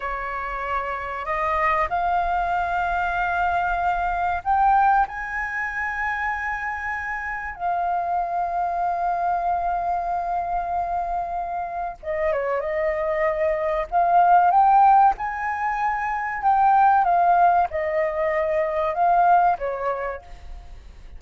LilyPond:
\new Staff \with { instrumentName = "flute" } { \time 4/4 \tempo 4 = 95 cis''2 dis''4 f''4~ | f''2. g''4 | gis''1 | f''1~ |
f''2. dis''8 cis''8 | dis''2 f''4 g''4 | gis''2 g''4 f''4 | dis''2 f''4 cis''4 | }